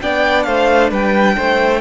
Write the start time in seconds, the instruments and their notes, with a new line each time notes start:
0.00 cello B3, viola D4, violin D5 G5
0.43 cello A3, violin C5 F5
0.90 cello G3, violin B4 G5
1.36 cello A3, violin C5